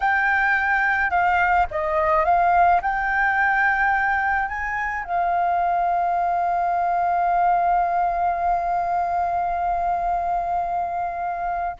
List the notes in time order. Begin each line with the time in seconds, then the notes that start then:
0.00 G5
1.10 F5
1.71 D#5
2.24 F5
2.81 G5
4.48 G#5
5.04 F5